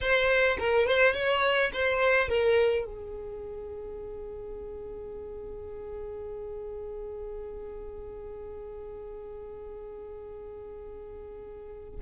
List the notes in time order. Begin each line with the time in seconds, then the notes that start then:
0.00 C5
0.59 A#4
0.86 C5
1.14 C#5
1.73 C5
2.29 A#4
2.85 G#4